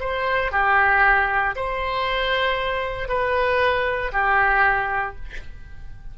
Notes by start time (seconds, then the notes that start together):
0.00 C5
0.52 G4
1.56 C5
3.08 B4
4.12 G4